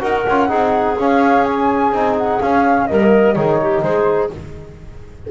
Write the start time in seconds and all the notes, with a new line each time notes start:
0.00 D#4 F#4 A#4 F#5
0.28 C#4 F4
0.48 C4 D#4 G#4
0.97 C#4 F5
1.44 G#5
1.91 C4 D#4
2.17 F#5
2.41 C#4 F5
2.87 G3 A#3 A#4 D#5
3.34 D#3 D#4 G#4 C#5
3.61 G4
3.82 G#3 G#4 C5